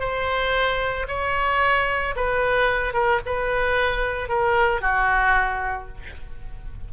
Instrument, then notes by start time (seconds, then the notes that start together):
oboe
0.00 C5
1.08 C#5
2.16 B4
2.94 A#4
3.26 B4
4.29 A#4
4.81 F#4